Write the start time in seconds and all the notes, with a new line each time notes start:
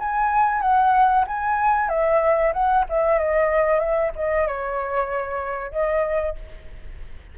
0.00 G#5
0.61 F#5
1.27 G#5
1.89 E5
2.53 F#5
2.89 E5
3.19 D#5
3.80 E5
4.16 D#5
4.47 C#5
5.72 D#5